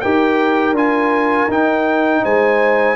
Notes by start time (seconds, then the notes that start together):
0.00 D#4 G4 A#4 G5
0.71 D4 F4 G#5
1.48 D#4 G5
2.22 G#3 C5 G#5